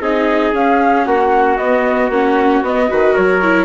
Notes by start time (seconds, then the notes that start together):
0.00 C4 D#4 G#4 D#5
0.52 C#4 F5
1.05 A#3 F#4 F#5
1.57 B3 D#5
2.09 A#3 C#4 F#5
2.62 B3 D#5
2.88 D#3 F#4 B4
3.13 F#3 A#4 C#5
3.42 E4